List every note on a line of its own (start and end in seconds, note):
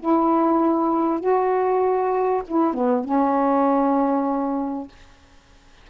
0.00 1.21 E4
1.21 2.43 F#4
2.48 2.74 E4
2.74 3.05 B3
3.05 4.89 C#4